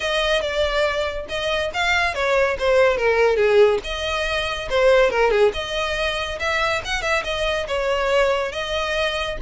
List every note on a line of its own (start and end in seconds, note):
0.00 0.41 D#5
0.41 1.26 D5
1.28 1.71 D#5
1.73 2.14 F5
2.14 2.56 C#5
2.59 2.97 C5
2.97 3.36 A#4
3.36 3.79 G#4
3.83 4.68 D#5
4.69 5.10 C5
5.10 5.30 A#4
5.30 5.52 G#4
5.53 6.38 D#5
6.39 6.82 E5
6.84 7.02 F#5
7.02 7.23 E5
7.24 7.66 D#5
7.67 8.52 C#5
8.52 9.37 D#5